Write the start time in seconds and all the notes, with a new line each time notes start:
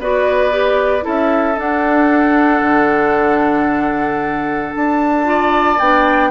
0.00 B3 F#4 B4 D5
0.52 G4
1.02 C#4 E4 A4 E5
1.57 D4 F#5
2.62 D3
4.75 D4 A5
5.24 F4 D5
5.79 B3 D4 G5